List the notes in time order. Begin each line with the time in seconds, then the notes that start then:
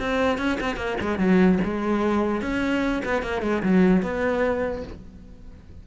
0.00 C4
0.38 C#4
0.61 C4
0.77 A#3
1.01 G#3
1.19 F#3
1.64 G#3
2.42 C#4
3.05 B3
3.23 A#3
3.42 G#3
3.63 F#3
4.03 B3